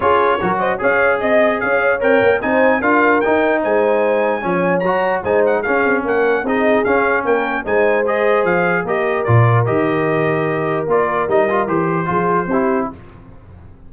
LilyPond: <<
  \new Staff \with { instrumentName = "trumpet" } { \time 4/4 \tempo 4 = 149 cis''4. dis''8 f''4 dis''4 | f''4 g''4 gis''4 f''4 | g''4 gis''2. | ais''4 gis''8 fis''8 f''4 fis''4 |
dis''4 f''4 g''4 gis''4 | dis''4 f''4 dis''4 d''4 | dis''2. d''4 | dis''4 c''2. | }
  \new Staff \with { instrumentName = "horn" } { \time 4/4 gis'4 ais'8 c''8 cis''4 dis''4 | cis''2 c''4 ais'4~ | ais'4 c''2 cis''4~ | cis''4 c''4 gis'4 ais'4 |
gis'2 ais'4 c''4~ | c''2 ais'2~ | ais'1~ | ais'2 gis'4 g'4 | }
  \new Staff \with { instrumentName = "trombone" } { \time 4/4 f'4 fis'4 gis'2~ | gis'4 ais'4 dis'4 f'4 | dis'2. cis'4 | fis'4 dis'4 cis'2 |
dis'4 cis'2 dis'4 | gis'2 g'4 f'4 | g'2. f'4 | dis'8 f'8 g'4 f'4 e'4 | }
  \new Staff \with { instrumentName = "tuba" } { \time 4/4 cis'4 fis4 cis'4 c'4 | cis'4 c'8 ais8 c'4 d'4 | dis'4 gis2 f4 | fis4 gis4 cis'8 c'8 ais4 |
c'4 cis'4 ais4 gis4~ | gis4 f4 ais4 ais,4 | dis2. ais4 | g4 e4 f4 c'4 | }
>>